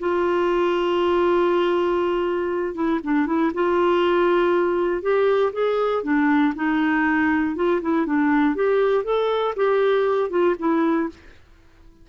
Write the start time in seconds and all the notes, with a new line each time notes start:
0.00 F4
2.75 E4
3.04 D4
3.27 E4
3.54 F4
5.02 G4
5.53 G#4
6.03 D4
6.55 D#4
7.56 F4
7.82 E4
8.06 D4
8.56 G4
9.04 A4
9.56 G4
10.30 F4
10.59 E4